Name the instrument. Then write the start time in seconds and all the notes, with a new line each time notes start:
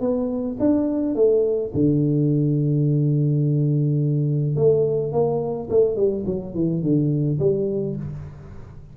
tuba
0.00 B3
0.59 D4
1.15 A3
1.74 D3
4.56 A3
5.12 A#3
5.69 A3
5.95 G3
6.26 F#3
6.54 E3
6.82 D3
7.39 G3